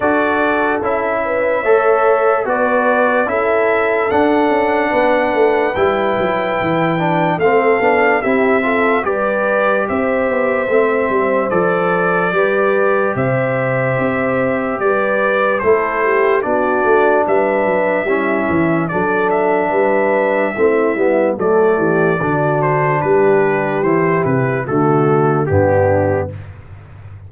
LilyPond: <<
  \new Staff \with { instrumentName = "trumpet" } { \time 4/4 \tempo 4 = 73 d''4 e''2 d''4 | e''4 fis''2 g''4~ | g''4 f''4 e''4 d''4 | e''2 d''2 |
e''2 d''4 c''4 | d''4 e''2 d''8 e''8~ | e''2 d''4. c''8 | b'4 c''8 b'8 a'4 g'4 | }
  \new Staff \with { instrumentName = "horn" } { \time 4/4 a'4. b'8 cis''4 b'4 | a'2 b'2~ | b'4 a'4 g'8 a'8 b'4 | c''2. b'4 |
c''2 b'4 a'8 g'8 | fis'4 b'4 e'4 a'4 | b'4 e'4 a'8 g'8 fis'4 | g'2 fis'4 d'4 | }
  \new Staff \with { instrumentName = "trombone" } { \time 4/4 fis'4 e'4 a'4 fis'4 | e'4 d'2 e'4~ | e'8 d'8 c'8 d'8 e'8 f'8 g'4~ | g'4 c'4 a'4 g'4~ |
g'2. e'4 | d'2 cis'4 d'4~ | d'4 c'8 b8 a4 d'4~ | d'4 e'4 a4 b4 | }
  \new Staff \with { instrumentName = "tuba" } { \time 4/4 d'4 cis'4 a4 b4 | cis'4 d'8 cis'8 b8 a8 g8 fis8 | e4 a8 b8 c'4 g4 | c'8 b8 a8 g8 f4 g4 |
c4 c'4 g4 a4 | b8 a8 g8 fis8 g8 e8 fis4 | g4 a8 g8 fis8 e8 d4 | g4 e8 c8 d4 g,4 | }
>>